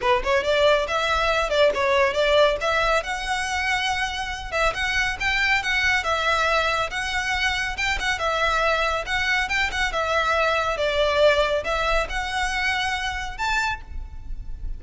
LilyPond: \new Staff \with { instrumentName = "violin" } { \time 4/4 \tempo 4 = 139 b'8 cis''8 d''4 e''4. d''8 | cis''4 d''4 e''4 fis''4~ | fis''2~ fis''8 e''8 fis''4 | g''4 fis''4 e''2 |
fis''2 g''8 fis''8 e''4~ | e''4 fis''4 g''8 fis''8 e''4~ | e''4 d''2 e''4 | fis''2. a''4 | }